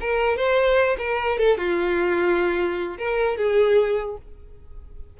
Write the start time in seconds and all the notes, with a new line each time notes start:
0.00 A#4
0.37 C5
0.98 A#4
1.38 A4
1.57 F4
2.98 A#4
3.37 G#4